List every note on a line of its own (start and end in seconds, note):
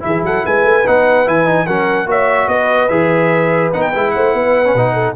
0.00 0.22 E3
0.00 0.82 E4
0.00 0.26 G#4
0.00 0.23 E5
0.22 0.43 F#3
0.22 0.45 A4
0.22 0.46 F#5
0.45 0.64 G#3
0.45 1.66 B4
0.45 0.87 G#5
0.64 0.84 A3
0.86 1.26 B3
0.86 1.25 D#4
0.86 1.28 F#5
1.25 1.67 E3
1.25 1.45 E4
1.25 1.66 G#5
1.45 1.66 D#4
1.66 2.06 F#3
1.66 2.06 C#4
1.66 2.07 A#4
1.66 2.08 F#5
2.06 2.47 A#3
2.06 2.89 F#4
2.06 2.49 C#5
2.06 2.48 E5
2.47 2.88 B3
2.47 4.13 B4
2.47 2.88 D#5
2.88 3.71 E3
2.88 3.72 G#4
2.88 3.70 E5
3.73 3.95 B3
3.73 3.93 D#4
3.73 3.82 F#5
3.82 4.11 G5
3.93 4.15 G#3
3.93 4.65 E4
4.11 4.34 A3
4.11 4.35 C5
4.11 5.13 F#5
4.34 4.74 B3
4.34 4.93 B4
4.65 4.75 C#4
4.74 5.15 B2
4.74 5.15 D#4
4.93 5.14 A4